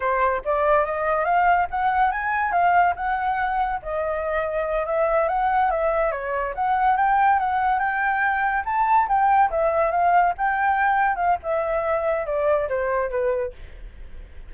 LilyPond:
\new Staff \with { instrumentName = "flute" } { \time 4/4 \tempo 4 = 142 c''4 d''4 dis''4 f''4 | fis''4 gis''4 f''4 fis''4~ | fis''4 dis''2~ dis''8 e''8~ | e''8 fis''4 e''4 cis''4 fis''8~ |
fis''8 g''4 fis''4 g''4.~ | g''8 a''4 g''4 e''4 f''8~ | f''8 g''2 f''8 e''4~ | e''4 d''4 c''4 b'4 | }